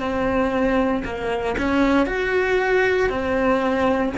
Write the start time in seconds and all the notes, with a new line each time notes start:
0.00 C4
1.05 A#3
1.58 C#4
2.06 F#4
3.09 C4